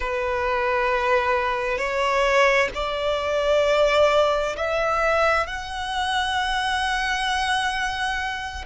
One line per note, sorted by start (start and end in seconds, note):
0.00 1.77 B4
1.77 2.68 C#5
2.74 4.56 D5
4.56 5.46 E5
5.46 8.64 F#5